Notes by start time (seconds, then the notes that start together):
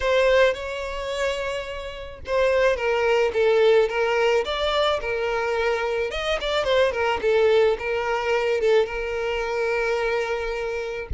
0.00 C5
0.53 C#5
2.26 C5
2.76 A#4
3.33 A4
3.88 A#4
4.44 D5
5.01 A#4
6.11 D#5
6.40 D5
6.64 C5
6.92 A#4
7.21 A4
7.79 A#4
8.60 A4
8.86 A#4